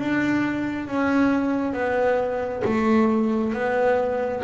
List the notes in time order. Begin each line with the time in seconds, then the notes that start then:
0.00 D4
0.88 C#4
1.74 B3
2.65 A3
3.54 B3